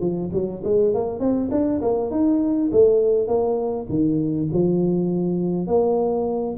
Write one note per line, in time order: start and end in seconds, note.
0.00 0.30 F3
0.32 0.62 F#3
0.64 0.94 G#3
0.94 1.19 A#3
1.19 1.49 C4
1.51 1.81 D4
1.81 2.11 A#3
2.11 2.70 D#4
2.72 3.27 A3
3.27 3.87 A#3
3.89 4.48 D#3
4.52 5.67 F3
5.67 6.56 A#3